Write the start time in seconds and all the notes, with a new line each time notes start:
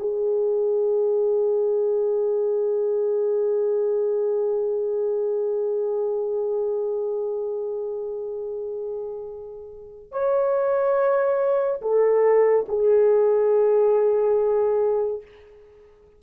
0.00 G#4
10.12 C#5
11.82 A4
12.69 G#4